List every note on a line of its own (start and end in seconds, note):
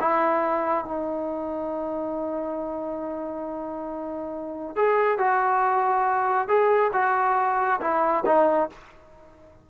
0.00 0.85 E4
0.85 4.75 D#4
4.75 5.18 G#4
5.18 6.48 F#4
6.48 6.91 G#4
6.93 7.80 F#4
7.80 8.24 E4
8.26 8.69 D#4